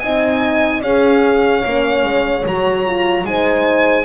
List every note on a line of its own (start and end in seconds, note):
0.00 0.83 C4
0.00 0.84 D#4
0.00 0.83 D#5
0.00 0.81 G#5
0.83 1.64 C#4
0.83 1.62 G#4
0.83 3.26 C#5
0.83 2.45 F5
1.62 2.04 A#3
1.62 2.43 C#4
2.04 2.44 G#3
2.46 3.25 F#3
2.46 2.87 F#4
2.46 3.26 A#5
2.87 3.25 F4
3.25 4.05 G#3
3.25 4.05 D#4
3.25 4.05 C5
3.25 4.05 G#5